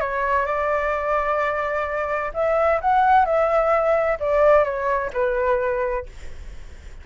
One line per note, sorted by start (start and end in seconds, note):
0.00 0.45 C#5
0.45 2.32 D5
2.33 2.80 E5
2.81 3.25 F#5
3.25 4.18 E5
4.20 4.64 D5
4.64 5.10 C#5
5.13 6.06 B4